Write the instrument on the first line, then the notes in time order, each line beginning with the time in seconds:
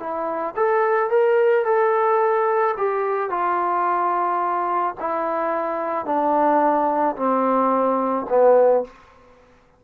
trombone
0.00 E4
0.57 A4
1.10 A#4
1.65 A4
2.78 G4
3.30 F4
5.00 E4
6.06 D4
7.16 C4
8.29 B3